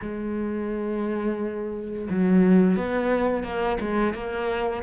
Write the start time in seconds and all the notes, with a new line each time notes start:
0.01 G#3
2.10 F#3
2.76 B3
3.43 A#3
3.80 G#3
4.14 A#3